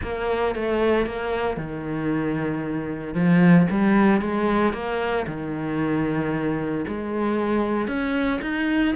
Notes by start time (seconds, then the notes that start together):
0.03 A#3
0.55 A3
1.06 A#3
1.56 D#3
3.14 F3
3.70 G3
4.21 G#3
4.73 A#3
5.27 D#3
6.87 G#3
7.87 C#4
8.41 D#4